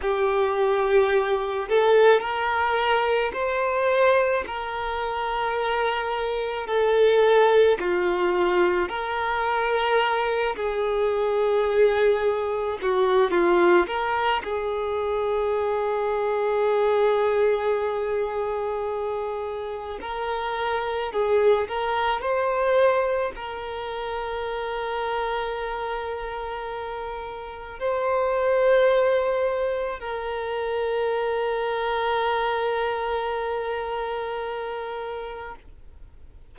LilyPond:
\new Staff \with { instrumentName = "violin" } { \time 4/4 \tempo 4 = 54 g'4. a'8 ais'4 c''4 | ais'2 a'4 f'4 | ais'4. gis'2 fis'8 | f'8 ais'8 gis'2.~ |
gis'2 ais'4 gis'8 ais'8 | c''4 ais'2.~ | ais'4 c''2 ais'4~ | ais'1 | }